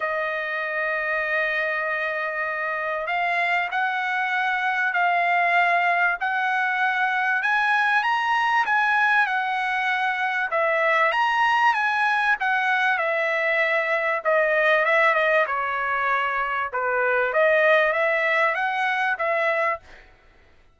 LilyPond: \new Staff \with { instrumentName = "trumpet" } { \time 4/4 \tempo 4 = 97 dis''1~ | dis''4 f''4 fis''2 | f''2 fis''2 | gis''4 ais''4 gis''4 fis''4~ |
fis''4 e''4 ais''4 gis''4 | fis''4 e''2 dis''4 | e''8 dis''8 cis''2 b'4 | dis''4 e''4 fis''4 e''4 | }